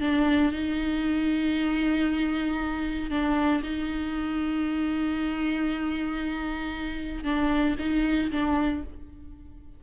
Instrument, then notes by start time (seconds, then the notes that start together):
viola
0.00 D4
0.51 D#4
3.10 D4
3.63 D#4
7.23 D4
7.79 D#4
8.31 D4